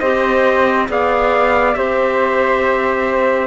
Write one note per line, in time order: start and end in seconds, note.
0.00 0.88 C4
0.00 0.88 G4
0.00 0.88 C5
0.00 0.87 D#5
0.88 1.76 B3
0.88 1.75 G#4
0.88 1.77 D5
0.88 1.74 F5
1.74 3.47 C4
1.74 3.47 G4
1.74 3.47 C5
1.74 3.47 E5